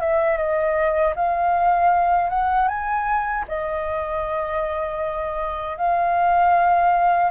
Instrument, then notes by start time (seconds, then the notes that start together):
flute
0.00 E5
0.37 D#5
1.16 F5
2.30 F#5
2.68 G#5
3.48 D#5
5.77 F5